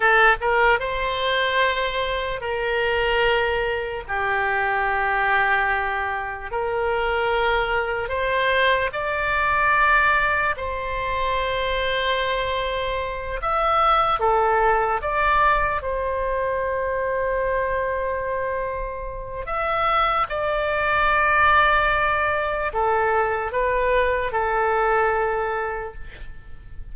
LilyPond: \new Staff \with { instrumentName = "oboe" } { \time 4/4 \tempo 4 = 74 a'8 ais'8 c''2 ais'4~ | ais'4 g'2. | ais'2 c''4 d''4~ | d''4 c''2.~ |
c''8 e''4 a'4 d''4 c''8~ | c''1 | e''4 d''2. | a'4 b'4 a'2 | }